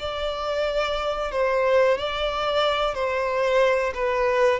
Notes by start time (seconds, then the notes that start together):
0.00 D5
1.32 C5
1.98 D5
2.95 C5
3.95 B4